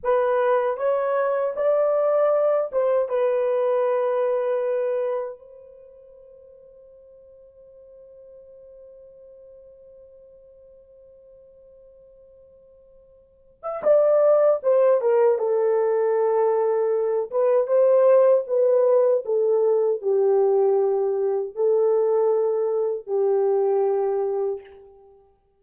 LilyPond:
\new Staff \with { instrumentName = "horn" } { \time 4/4 \tempo 4 = 78 b'4 cis''4 d''4. c''8 | b'2. c''4~ | c''1~ | c''1~ |
c''4.~ c''16 e''16 d''4 c''8 ais'8 | a'2~ a'8 b'8 c''4 | b'4 a'4 g'2 | a'2 g'2 | }